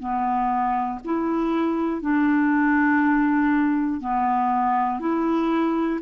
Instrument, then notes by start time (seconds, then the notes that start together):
clarinet
0.00 B3
1.05 E4
2.02 D4
4.01 B3
5.00 E4